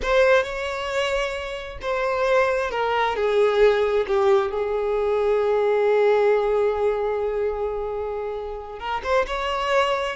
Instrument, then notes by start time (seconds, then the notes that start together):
violin
0.02 C5
0.43 C#5
1.81 C5
2.70 A#4
3.16 G#4
4.07 G4
4.51 G#4
8.79 A#4
9.03 C5
9.26 C#5